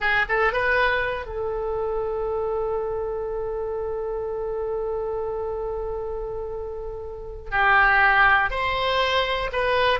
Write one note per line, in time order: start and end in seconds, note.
0.00 0.25 G#4
0.28 0.53 A4
0.53 1.26 B4
1.26 7.50 A4
7.50 8.50 G4
8.50 9.50 C5
9.52 9.99 B4